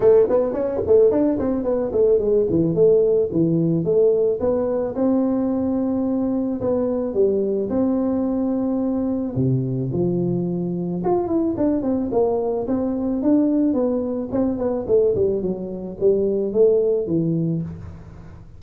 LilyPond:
\new Staff \with { instrumentName = "tuba" } { \time 4/4 \tempo 4 = 109 a8 b8 cis'8 a8 d'8 c'8 b8 a8 | gis8 e8 a4 e4 a4 | b4 c'2. | b4 g4 c'2~ |
c'4 c4 f2 | f'8 e'8 d'8 c'8 ais4 c'4 | d'4 b4 c'8 b8 a8 g8 | fis4 g4 a4 e4 | }